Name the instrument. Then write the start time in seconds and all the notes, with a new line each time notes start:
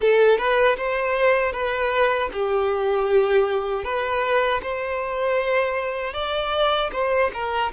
violin
0.00 A4
0.38 B4
0.77 C5
1.52 B4
2.33 G4
3.84 B4
4.62 C5
6.13 D5
6.92 C5
7.33 A#4